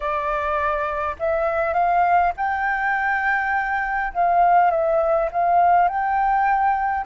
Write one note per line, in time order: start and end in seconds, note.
0.00 1.16 D5
1.19 1.73 E5
1.73 2.32 F5
2.36 4.13 G5
4.13 4.71 F5
4.71 5.29 E5
5.31 5.88 F5
5.88 7.06 G5